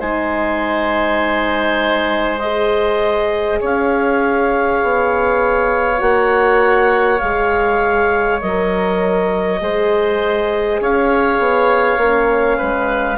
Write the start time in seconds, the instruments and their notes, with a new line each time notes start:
0.00 bassoon G#3, horn D#4, oboe C5, clarinet G#5
2.39 horn G#4, clarinet D#5
3.60 bassoon C#4, oboe C#5, clarinet F5
4.83 bassoon B3
5.99 bassoon A#3, horn F#4, clarinet F#5
7.20 bassoon G#3, horn G#4, clarinet F5
8.42 bassoon F#3, horn A#4, clarinet D#5
9.61 bassoon G#3, horn G#4, oboe C5
10.80 bassoon C#4, oboe C#5, clarinet F5
11.39 bassoon B3
11.97 bassoon A#3, horn C#4
12.58 bassoon G#3, oboe B4